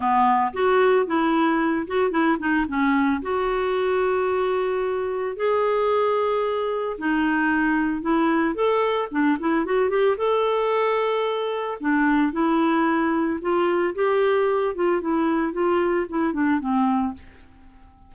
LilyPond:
\new Staff \with { instrumentName = "clarinet" } { \time 4/4 \tempo 4 = 112 b4 fis'4 e'4. fis'8 | e'8 dis'8 cis'4 fis'2~ | fis'2 gis'2~ | gis'4 dis'2 e'4 |
a'4 d'8 e'8 fis'8 g'8 a'4~ | a'2 d'4 e'4~ | e'4 f'4 g'4. f'8 | e'4 f'4 e'8 d'8 c'4 | }